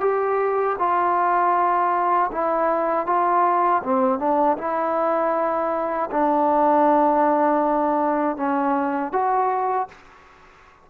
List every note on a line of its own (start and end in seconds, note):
0.00 0.76 G4
0.78 2.30 F4
2.31 3.06 E4
3.06 3.82 F4
3.83 4.19 C4
4.19 4.57 D4
4.57 6.09 E4
6.11 8.36 D4
8.36 9.12 C#4
9.12 9.88 F#4